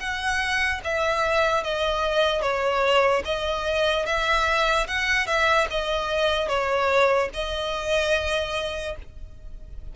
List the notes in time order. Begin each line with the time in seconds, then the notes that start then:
0.00 F#5
0.84 E5
1.64 D#5
2.42 C#5
3.25 D#5
4.06 E5
4.88 F#5
5.27 E5
5.71 D#5
6.49 C#5
7.34 D#5